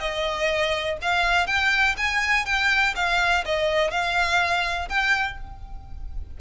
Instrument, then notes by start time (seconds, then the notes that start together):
violin
0.00 D#5
1.02 F5
1.47 G5
1.97 G#5
2.45 G5
2.95 F5
3.45 D#5
3.91 F5
4.89 G5